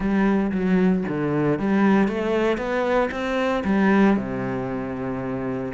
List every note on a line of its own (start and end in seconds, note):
0.00 0.51 G3
0.51 1.03 F#3
1.08 1.59 D3
1.59 2.08 G3
2.08 2.57 A3
2.57 3.09 B3
3.11 3.63 C4
3.64 4.16 G3
4.16 5.73 C3